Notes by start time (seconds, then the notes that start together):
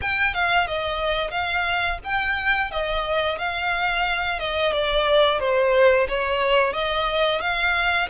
0.01 G5
0.33 F5
0.67 D#5
1.31 F5
2.03 G5
2.71 D#5
3.38 F5
4.39 D#5
4.72 D5
5.39 C5
6.08 C#5
6.73 D#5
7.40 F5